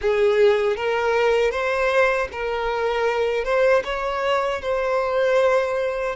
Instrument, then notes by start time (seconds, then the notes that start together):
violin
0.01 G#4
0.76 A#4
1.51 C5
2.31 A#4
3.44 C5
3.84 C#5
4.61 C5